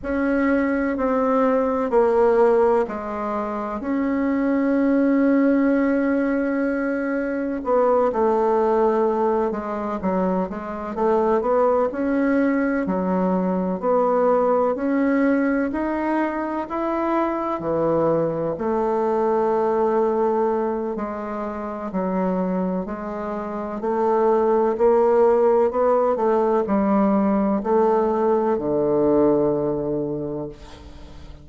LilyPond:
\new Staff \with { instrumentName = "bassoon" } { \time 4/4 \tempo 4 = 63 cis'4 c'4 ais4 gis4 | cis'1 | b8 a4. gis8 fis8 gis8 a8 | b8 cis'4 fis4 b4 cis'8~ |
cis'8 dis'4 e'4 e4 a8~ | a2 gis4 fis4 | gis4 a4 ais4 b8 a8 | g4 a4 d2 | }